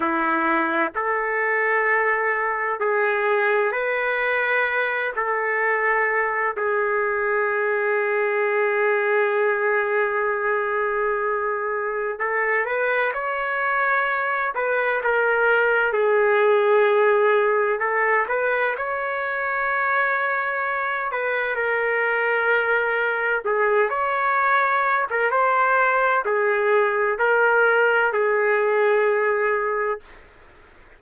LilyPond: \new Staff \with { instrumentName = "trumpet" } { \time 4/4 \tempo 4 = 64 e'4 a'2 gis'4 | b'4. a'4. gis'4~ | gis'1~ | gis'4 a'8 b'8 cis''4. b'8 |
ais'4 gis'2 a'8 b'8 | cis''2~ cis''8 b'8 ais'4~ | ais'4 gis'8 cis''4~ cis''16 ais'16 c''4 | gis'4 ais'4 gis'2 | }